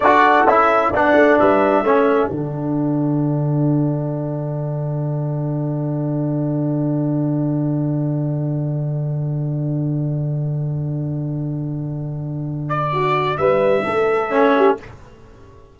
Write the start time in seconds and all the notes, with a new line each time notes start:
0.00 D4 F#4 A4 D5
0.46 C#4 E4 E5
0.90 B3 D4 D5 F#5
1.14 A3
1.39 G3 B4 E5
1.83 A3 C#4 A4
2.30 D3 D4 F#5
12.69 D5
12.92 F#4
13.37 G3 B4 E5
13.84 A3 A4
14.30 C#4
14.56 G4